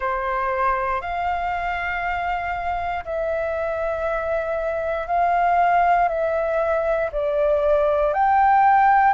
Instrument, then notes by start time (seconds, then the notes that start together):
flute
0.00 C5
1.01 F5
3.04 E5
5.07 F5
6.08 E5
7.11 D5
8.13 G5